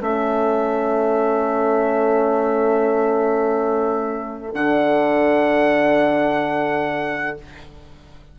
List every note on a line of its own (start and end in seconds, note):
0.00 4.54 A3
0.00 4.53 C#4
0.00 7.39 A4
0.00 4.55 E5
4.54 7.37 D3
4.54 7.37 D4
4.54 7.38 F#5